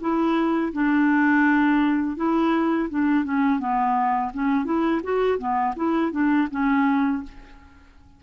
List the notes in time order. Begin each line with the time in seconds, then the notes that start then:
0.00 E4
0.72 D4
2.16 E4
2.89 D4
3.24 C#4
3.59 B3
4.33 C#4
4.65 E4
5.03 F#4
5.38 B3
5.76 E4
6.11 D4
6.50 C#4